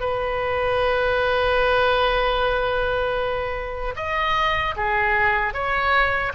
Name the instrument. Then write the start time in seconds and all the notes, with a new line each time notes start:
oboe
0.00 B4
3.96 D#5
4.77 G#4
5.54 C#5